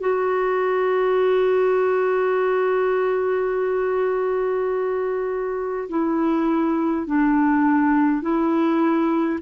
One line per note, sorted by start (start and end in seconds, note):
0.00 5.88 F#4
5.89 7.06 E4
7.06 8.21 D4
8.21 9.39 E4